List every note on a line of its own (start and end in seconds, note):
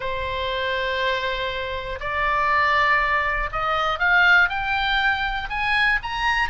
0.00 1.99 C5
2.00 3.50 D5
3.51 3.99 D#5
3.99 4.49 F5
4.49 5.49 G5
5.49 5.99 G#5
6.02 6.49 A#5